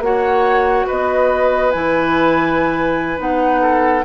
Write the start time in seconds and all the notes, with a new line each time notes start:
0.00 A#3 F#4 C#5 F#5
0.87 B3 B4 D#5
1.71 E3 E4 G#5
3.17 B3 D#4 F#5
3.62 A4